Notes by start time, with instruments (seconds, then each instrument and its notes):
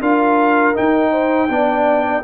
0.00 tuba D4, trombone F4, horn A#4, trumpet F5
0.74 trombone D#4, tuba D#4, trumpet G5
1.11 horn C5
1.48 tuba B3, trombone D4, horn D5